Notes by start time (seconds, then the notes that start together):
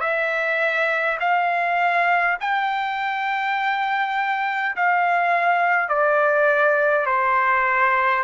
0.00 E5
1.19 F5
2.40 G5
4.75 F5
5.88 D5
7.06 C5